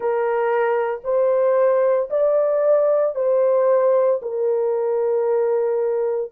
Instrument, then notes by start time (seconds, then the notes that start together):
horn
0.00 A#4
1.04 C5
2.10 D5
3.15 C5
4.22 A#4